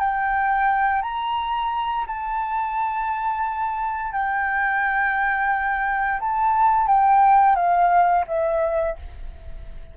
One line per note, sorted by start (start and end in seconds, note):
0.00 1.03 G5
1.03 2.06 A#5
2.07 4.13 A5
4.13 6.20 G5
6.20 6.87 A5
6.87 7.56 G5
7.56 8.25 F5
8.27 8.96 E5